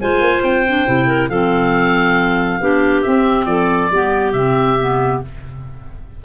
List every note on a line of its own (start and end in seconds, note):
0.00 0.20 G#3
0.00 0.65 F4
0.00 1.07 C5
0.00 0.43 G#5
0.20 0.42 A#3
0.42 0.86 C4
0.42 1.29 G5
0.66 0.86 D4
0.86 1.29 C3
0.86 1.29 E4
1.07 1.29 A#4
1.29 2.60 F3
1.29 2.61 C4
1.29 2.60 A4
1.29 3.02 F5
2.60 3.04 B3
2.60 3.04 D4
2.60 3.47 G4
3.02 3.91 C4
3.02 3.46 C4
3.02 3.45 E5
3.45 3.89 F3
3.45 3.90 A4
3.45 4.32 D5
3.91 4.33 G3
3.91 4.34 B3
3.91 5.24 G4
4.32 5.20 C3
4.32 4.77 C4
4.32 5.19 E5
4.79 5.23 B3